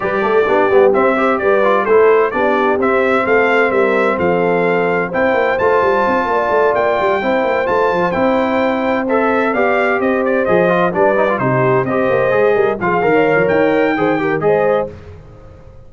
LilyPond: <<
  \new Staff \with { instrumentName = "trumpet" } { \time 4/4 \tempo 4 = 129 d''2 e''4 d''4 | c''4 d''4 e''4 f''4 | e''4 f''2 g''4 | a''2~ a''8 g''4.~ |
g''8 a''4 g''2 e''8~ | e''8 f''4 dis''8 d''8 dis''4 d''8~ | d''8 c''4 dis''2 f''8~ | f''4 g''2 dis''4 | }
  \new Staff \with { instrumentName = "horn" } { \time 4/4 b'8 a'8 g'4. c''8 b'4 | a'4 g'2 a'4 | ais'4 a'2 c''4~ | c''4. d''2 c''8~ |
c''1~ | c''8 d''4 c''2 b'8~ | b'8 g'4 c''4. ais'8 gis'8~ | gis'16 cis''4.~ cis''16 c''8 ais'8 c''4 | }
  \new Staff \with { instrumentName = "trombone" } { \time 4/4 g'4 d'8 b8 c'8 g'4 f'8 | e'4 d'4 c'2~ | c'2. e'4 | f'2.~ f'8 e'8~ |
e'8 f'4 e'2 a'8~ | a'8 g'2 gis'8 f'8 d'8 | dis'16 f'16 dis'4 g'4 gis'4 f'8 | ais'2 gis'8 g'8 gis'4 | }
  \new Staff \with { instrumentName = "tuba" } { \time 4/4 g8 a8 b8 g8 c'4 g4 | a4 b4 c'4 a4 | g4 f2 c'8 ais8 | a8 g8 c'8 ais8 a8 ais8 g8 c'8 |
ais8 a8 f8 c'2~ c'8~ | c'8 b4 c'4 f4 g8~ | g8 c4 c'8 ais8 gis8 g8 f8 | dis8. f16 dis'4 dis4 gis4 | }
>>